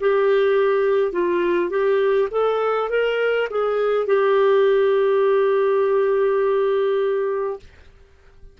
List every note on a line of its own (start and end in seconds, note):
0.00 1.12 G4
1.12 1.70 F4
1.70 2.28 G4
2.31 2.89 A4
2.89 3.48 A#4
3.50 4.06 G#4
4.06 7.59 G4